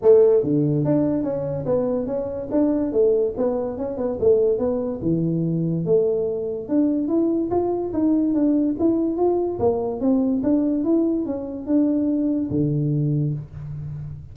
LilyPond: \new Staff \with { instrumentName = "tuba" } { \time 4/4 \tempo 4 = 144 a4 d4 d'4 cis'4 | b4 cis'4 d'4 a4 | b4 cis'8 b8 a4 b4 | e2 a2 |
d'4 e'4 f'4 dis'4 | d'4 e'4 f'4 ais4 | c'4 d'4 e'4 cis'4 | d'2 d2 | }